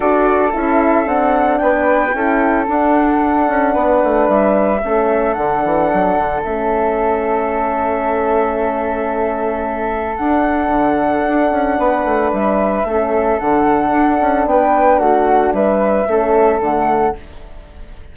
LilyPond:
<<
  \new Staff \with { instrumentName = "flute" } { \time 4/4 \tempo 4 = 112 d''4 e''4 fis''4 g''4~ | g''4 fis''2. | e''2 fis''2 | e''1~ |
e''2. fis''4~ | fis''2. e''4~ | e''4 fis''2 g''4 | fis''4 e''2 fis''4 | }
  \new Staff \with { instrumentName = "flute" } { \time 4/4 a'2. b'4 | a'2. b'4~ | b'4 a'2.~ | a'1~ |
a'1~ | a'2 b'2 | a'2. b'4 | fis'4 b'4 a'2 | }
  \new Staff \with { instrumentName = "horn" } { \time 4/4 fis'4 e'4 d'2 | e'4 d'2.~ | d'4 cis'4 d'2 | cis'1~ |
cis'2. d'4~ | d'1 | cis'4 d'2.~ | d'2 cis'4 a4 | }
  \new Staff \with { instrumentName = "bassoon" } { \time 4/4 d'4 cis'4 c'4 b4 | cis'4 d'4. cis'8 b8 a8 | g4 a4 d8 e8 fis8 d8 | a1~ |
a2. d'4 | d4 d'8 cis'8 b8 a8 g4 | a4 d4 d'8 cis'8 b4 | a4 g4 a4 d4 | }
>>